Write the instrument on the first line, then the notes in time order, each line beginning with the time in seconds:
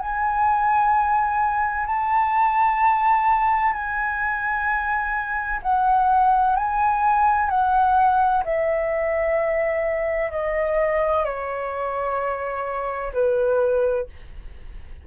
flute
0.00 G#5
1.87 A5
3.73 G#5
5.63 F#5
6.56 G#5
7.50 F#5
8.45 E5
10.32 D#5
11.25 C#5
13.13 B4